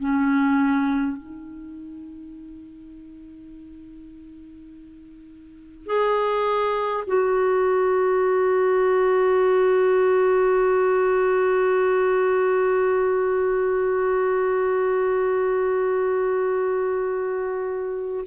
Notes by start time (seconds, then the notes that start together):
0.00 C#4
1.17 D#4
5.86 G#4
7.07 F#4